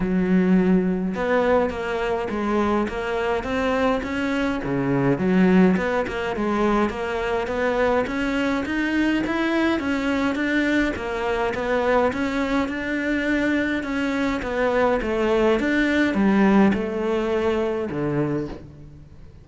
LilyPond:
\new Staff \with { instrumentName = "cello" } { \time 4/4 \tempo 4 = 104 fis2 b4 ais4 | gis4 ais4 c'4 cis'4 | cis4 fis4 b8 ais8 gis4 | ais4 b4 cis'4 dis'4 |
e'4 cis'4 d'4 ais4 | b4 cis'4 d'2 | cis'4 b4 a4 d'4 | g4 a2 d4 | }